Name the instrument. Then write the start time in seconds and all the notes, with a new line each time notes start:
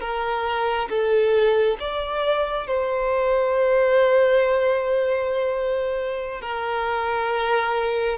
violin
0.00 A#4
0.89 A4
1.79 D5
2.67 C5
6.41 A#4